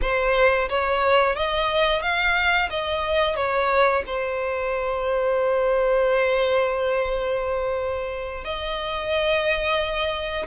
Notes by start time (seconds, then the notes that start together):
0.01 C5
0.69 C#5
1.35 D#5
2.02 F5
2.70 D#5
3.36 C#5
4.06 C5
8.44 D#5